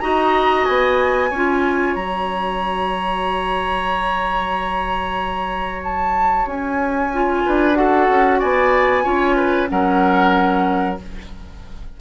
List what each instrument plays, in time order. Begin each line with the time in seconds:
0.00 bassoon D#4, clarinet F#4, oboe D#5, flute A#5
0.65 bassoon B3, flute G#5
1.30 bassoon C#4, oboe C#5
1.36 clarinet F4
1.94 bassoon F#3, clarinet F#4, flute A#5
5.83 flute A5
6.46 bassoon C#4, flute G#5
7.13 clarinet F4
7.45 bassoon D4, oboe B4
7.74 clarinet F#4, oboe A4, flute F#5
8.09 bassoon C#4
8.39 bassoon B3, oboe D5, flute G#5
9.03 bassoon C#4, clarinet F4, oboe C#5
9.36 oboe B4
9.68 bassoon F#3, clarinet C#4, oboe A#4, flute F#5